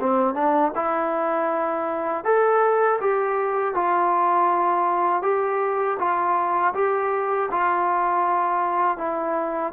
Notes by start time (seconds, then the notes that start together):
0.00 C4
0.34 D4
0.75 E4
2.24 A4
3.01 G4
3.74 F4
5.23 G4
5.99 F4
6.74 G4
7.51 F4
8.98 E4